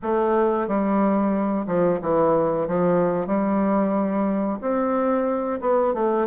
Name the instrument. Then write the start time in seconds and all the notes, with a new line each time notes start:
bassoon
0.02 A3
0.67 G3
1.66 F3
2.01 E3
2.67 F3
3.26 G3
4.61 C4
5.60 B3
5.94 A3